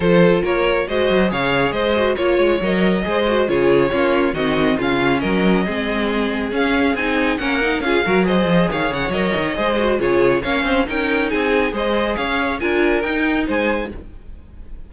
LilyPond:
<<
  \new Staff \with { instrumentName = "violin" } { \time 4/4 \tempo 4 = 138 c''4 cis''4 dis''4 f''4 | dis''4 cis''4 dis''2 | cis''2 dis''4 f''4 | dis''2. f''4 |
gis''4 fis''4 f''4 dis''4 | f''8 fis''8 dis''2 cis''4 | f''4 g''4 gis''4 dis''4 | f''4 gis''4 g''4 gis''4 | }
  \new Staff \with { instrumentName = "violin" } { \time 4/4 a'4 ais'4 c''4 cis''4 | c''4 cis''2 c''4 | gis'4 f'4 fis'4 f'4 | ais'4 gis'2.~ |
gis'4 ais'4 gis'8 ais'8 c''4 | cis''2 c''4 gis'4 | cis''8 c''8 ais'4 gis'4 c''4 | cis''4 ais'2 c''4 | }
  \new Staff \with { instrumentName = "viola" } { \time 4/4 f'2 fis'4 gis'4~ | gis'8 fis'8 f'4 ais'4 gis'8 fis'8 | f'4 cis'4 c'4 cis'4~ | cis'4 c'2 cis'4 |
dis'4 cis'8 dis'8 f'8 fis'8 gis'4~ | gis'4 ais'4 gis'8 fis'8 f'4 | cis'4 dis'2 gis'4~ | gis'4 f'4 dis'2 | }
  \new Staff \with { instrumentName = "cello" } { \time 4/4 f4 ais4 gis8 fis8 cis4 | gis4 ais8 gis8 fis4 gis4 | cis4 ais4 dis4 cis4 | fis4 gis2 cis'4 |
c'4 ais4 cis'8 fis4 f8 | dis8 cis8 fis8 dis8 gis4 cis4 | ais8 c'8 cis'4 c'4 gis4 | cis'4 d'4 dis'4 gis4 | }
>>